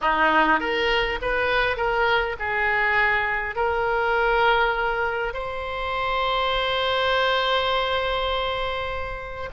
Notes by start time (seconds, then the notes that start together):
0.01 D#4
0.59 A#4
1.21 B4
1.76 A#4
2.39 G#4
3.55 A#4
5.33 C5